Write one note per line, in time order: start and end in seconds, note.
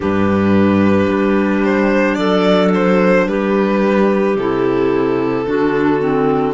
0.00 1.07 G2
0.00 4.35 D4
0.00 2.15 G4
0.00 1.63 B4
1.07 2.17 G3
1.63 2.14 C5
2.14 3.27 F#3
2.14 3.26 A4
2.14 2.69 D5
2.74 3.27 C5
3.27 4.35 G3
3.27 5.46 G4
3.27 4.37 B4
4.35 5.45 C3
4.35 5.45 E4
4.35 6.54 A4
5.45 6.54 D3
5.45 5.99 D4
5.45 6.54 F#4
5.99 6.53 C4